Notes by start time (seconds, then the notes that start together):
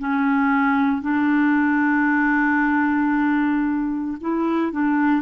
0.00 C#4
1.02 D4
4.21 E4
4.73 D4